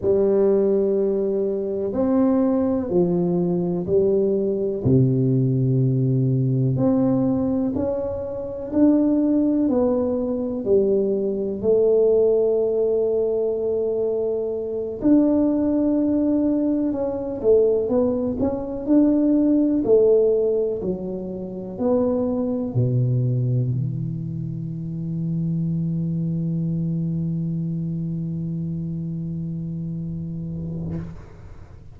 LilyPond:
\new Staff \with { instrumentName = "tuba" } { \time 4/4 \tempo 4 = 62 g2 c'4 f4 | g4 c2 c'4 | cis'4 d'4 b4 g4 | a2.~ a8 d'8~ |
d'4. cis'8 a8 b8 cis'8 d'8~ | d'8 a4 fis4 b4 b,8~ | b,8 e2.~ e8~ | e1 | }